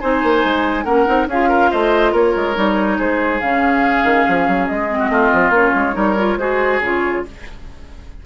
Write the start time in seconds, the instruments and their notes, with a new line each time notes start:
0.00 bassoon C4, clarinet D#4, oboe C5, flute G#5
0.23 bassoon A#3
0.44 bassoon G#3
0.84 bassoon A#3, clarinet C#4, oboe A#4, flute F#5
1.06 bassoon C4, clarinet D#4
1.27 bassoon C#4, clarinet F4, oboe G#4, flute F5
1.48 oboe A#4
1.71 bassoon A3, oboe C5, flute D#5
2.12 bassoon A#3, oboe A#4, flute C#5
2.36 bassoon G#3
2.54 bassoon G3, clarinet D#4
2.97 bassoon G#3, oboe G#4, flute C5
3.40 bassoon C#3, clarinet C#4, flute F5
4.04 bassoon D#3
4.28 bassoon F3
4.47 bassoon F#3
4.67 bassoon G#3, flute D#5
4.89 clarinet C4
4.99 oboe F#4
5.09 bassoon A3, oboe F4
5.32 bassoon F3
5.49 bassoon A#3, clarinet C#4, flute C#5
5.75 bassoon G#3
5.93 bassoon G3, clarinet D#4, oboe A#4
6.18 clarinet F4
6.37 bassoon G#3, clarinet F#4, oboe G#4, flute C5
6.80 bassoon C#3, clarinet F4, flute C#5